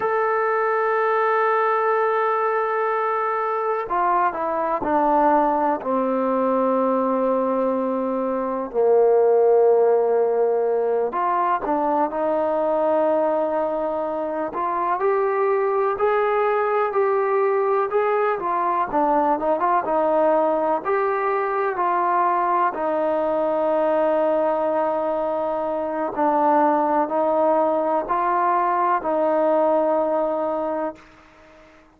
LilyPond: \new Staff \with { instrumentName = "trombone" } { \time 4/4 \tempo 4 = 62 a'1 | f'8 e'8 d'4 c'2~ | c'4 ais2~ ais8 f'8 | d'8 dis'2~ dis'8 f'8 g'8~ |
g'8 gis'4 g'4 gis'8 f'8 d'8 | dis'16 f'16 dis'4 g'4 f'4 dis'8~ | dis'2. d'4 | dis'4 f'4 dis'2 | }